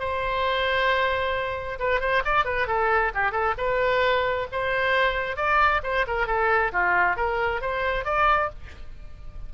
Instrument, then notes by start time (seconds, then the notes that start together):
oboe
0.00 C5
1.80 B4
2.01 C5
2.25 D5
2.45 B4
2.68 A4
3.14 G4
3.32 A4
3.58 B4
4.52 C5
5.37 D5
5.83 C5
6.08 A#4
6.27 A4
6.73 F4
7.17 A#4
7.62 C5
8.05 D5